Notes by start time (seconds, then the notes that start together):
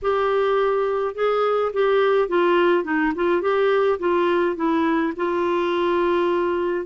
0.02 G4
1.15 G#4
1.73 G4
2.28 F4
2.84 D#4
3.15 F4
3.41 G4
3.99 F4
4.56 E4
5.16 F4